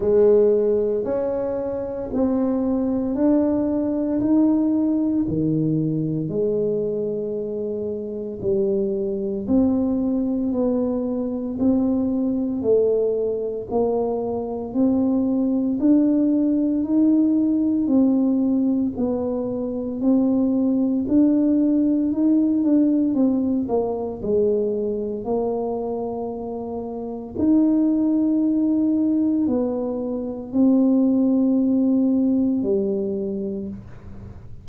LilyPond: \new Staff \with { instrumentName = "tuba" } { \time 4/4 \tempo 4 = 57 gis4 cis'4 c'4 d'4 | dis'4 dis4 gis2 | g4 c'4 b4 c'4 | a4 ais4 c'4 d'4 |
dis'4 c'4 b4 c'4 | d'4 dis'8 d'8 c'8 ais8 gis4 | ais2 dis'2 | b4 c'2 g4 | }